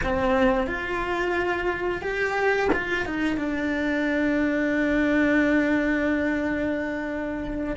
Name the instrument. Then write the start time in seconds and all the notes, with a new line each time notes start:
cello
0.03 C4
0.66 F4
2.01 G4
2.72 F4
3.05 D#4
3.37 D4